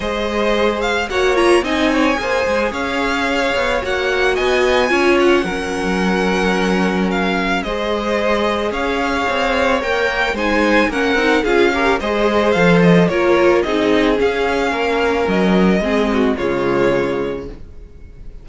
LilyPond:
<<
  \new Staff \with { instrumentName = "violin" } { \time 4/4 \tempo 4 = 110 dis''4. f''8 fis''8 ais''8 gis''4~ | gis''4 f''2 fis''4 | gis''4. fis''2~ fis''8~ | fis''4 f''4 dis''2 |
f''2 g''4 gis''4 | fis''4 f''4 dis''4 f''8 dis''8 | cis''4 dis''4 f''2 | dis''2 cis''2 | }
  \new Staff \with { instrumentName = "violin" } { \time 4/4 c''2 cis''4 dis''8 cis''8 | c''4 cis''2. | dis''4 cis''4 ais'2~ | ais'2 c''2 |
cis''2. c''4 | ais'4 gis'8 ais'8 c''2 | ais'4 gis'2 ais'4~ | ais'4 gis'8 fis'8 f'2 | }
  \new Staff \with { instrumentName = "viola" } { \time 4/4 gis'2 fis'8 f'8 dis'4 | gis'2. fis'4~ | fis'4 f'4 cis'2~ | cis'2 gis'2~ |
gis'2 ais'4 dis'4 | cis'8 dis'8 f'8 g'8 gis'4 a'4 | f'4 dis'4 cis'2~ | cis'4 c'4 gis2 | }
  \new Staff \with { instrumentName = "cello" } { \time 4/4 gis2 ais4 c'4 | ais8 gis8 cis'4. b8 ais4 | b4 cis'4 fis2~ | fis2 gis2 |
cis'4 c'4 ais4 gis4 | ais8 c'8 cis'4 gis4 f4 | ais4 c'4 cis'4 ais4 | fis4 gis4 cis2 | }
>>